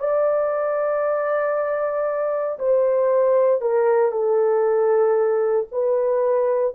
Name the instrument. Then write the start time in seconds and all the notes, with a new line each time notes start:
horn
0.00 D5
2.59 C5
3.62 A#4
4.12 A4
5.72 B4